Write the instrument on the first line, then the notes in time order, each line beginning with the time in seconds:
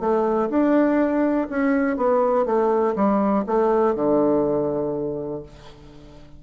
bassoon
0.00 A3
0.49 D4
1.50 C#4
1.97 B3
2.45 A3
2.96 G3
3.46 A3
3.95 D3